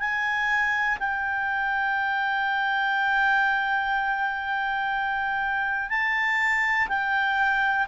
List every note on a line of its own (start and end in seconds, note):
0.00 0.98 G#5
1.00 5.90 G5
5.90 6.88 A5
6.89 7.87 G5